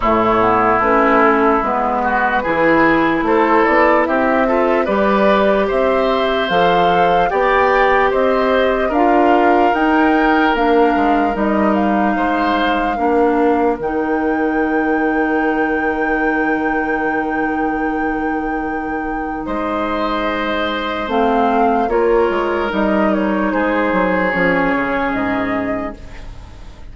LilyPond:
<<
  \new Staff \with { instrumentName = "flute" } { \time 4/4 \tempo 4 = 74 cis''4 b'8 a'8 b'2 | c''8 d''8 e''4 d''4 e''4 | f''4 g''4 dis''4 f''4 | g''4 f''4 dis''8 f''4.~ |
f''4 g''2.~ | g''1 | dis''2 f''4 cis''4 | dis''8 cis''8 c''4 cis''4 dis''4 | }
  \new Staff \with { instrumentName = "oboe" } { \time 4/4 e'2~ e'8 fis'8 gis'4 | a'4 g'8 a'8 b'4 c''4~ | c''4 d''4 c''4 ais'4~ | ais'2. c''4 |
ais'1~ | ais'1 | c''2. ais'4~ | ais'4 gis'2. | }
  \new Staff \with { instrumentName = "clarinet" } { \time 4/4 a8 b8 cis'4 b4 e'4~ | e'4. f'8 g'2 | a'4 g'2 f'4 | dis'4 d'4 dis'2 |
d'4 dis'2.~ | dis'1~ | dis'2 c'4 f'4 | dis'2 cis'2 | }
  \new Staff \with { instrumentName = "bassoon" } { \time 4/4 a,4 a4 gis4 e4 | a8 b8 c'4 g4 c'4 | f4 b4 c'4 d'4 | dis'4 ais8 gis8 g4 gis4 |
ais4 dis2.~ | dis1 | gis2 a4 ais8 gis8 | g4 gis8 fis8 f8 cis8 gis,4 | }
>>